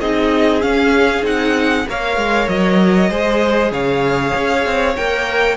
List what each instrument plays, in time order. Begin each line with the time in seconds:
0.00 cello C4, viola D#4, violin G#4 D#5
0.60 viola C#4, cello C#4, violin F5
1.22 cello C4, viola D#4, violin F#5
1.88 cello A#3, viola A#4, violin C#5 F5
2.16 cello G#3
2.48 cello F#3, violin D#5
3.09 cello G#3, viola G#4, violin C5
3.71 cello C#3, violin C#5 F5
4.34 cello C#4
4.65 cello C4
4.96 cello A#3, viola A#4, violin G5